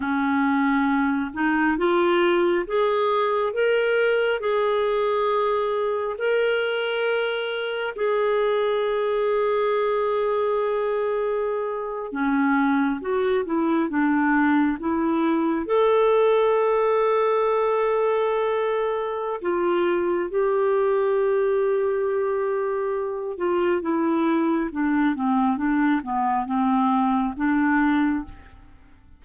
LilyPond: \new Staff \with { instrumentName = "clarinet" } { \time 4/4 \tempo 4 = 68 cis'4. dis'8 f'4 gis'4 | ais'4 gis'2 ais'4~ | ais'4 gis'2.~ | gis'4.~ gis'16 cis'4 fis'8 e'8 d'16~ |
d'8. e'4 a'2~ a'16~ | a'2 f'4 g'4~ | g'2~ g'8 f'8 e'4 | d'8 c'8 d'8 b8 c'4 d'4 | }